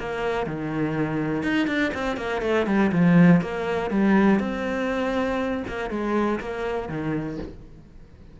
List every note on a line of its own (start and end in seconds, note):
0.00 0.47 A#3
0.47 1.43 D#3
1.43 1.67 D#4
1.67 1.92 D4
1.94 2.17 C4
2.17 2.42 A#3
2.42 2.67 A3
2.67 2.91 G3
2.92 3.42 F3
3.42 3.91 A#3
3.91 4.40 G3
4.40 5.64 C4
5.68 5.91 A#3
5.91 6.40 G#3
6.40 6.89 A#3
6.89 7.39 D#3